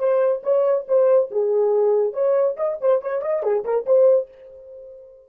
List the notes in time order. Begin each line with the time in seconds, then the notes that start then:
0.00 C5
0.44 C#5
0.88 C5
1.31 G#4
2.14 C#5
2.57 D#5
2.81 C5
3.02 C#5
3.22 D#5
3.43 G#4
3.65 A#4
3.86 C5